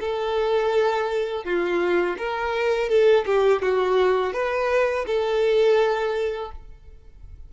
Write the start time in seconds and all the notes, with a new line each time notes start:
0.00 A4
1.45 F4
2.18 A#4
2.89 A4
3.26 G4
3.62 F#4
4.33 B4
5.07 A4